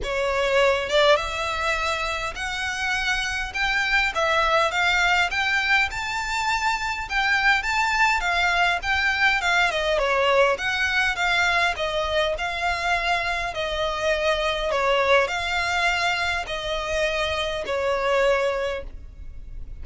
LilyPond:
\new Staff \with { instrumentName = "violin" } { \time 4/4 \tempo 4 = 102 cis''4. d''8 e''2 | fis''2 g''4 e''4 | f''4 g''4 a''2 | g''4 a''4 f''4 g''4 |
f''8 dis''8 cis''4 fis''4 f''4 | dis''4 f''2 dis''4~ | dis''4 cis''4 f''2 | dis''2 cis''2 | }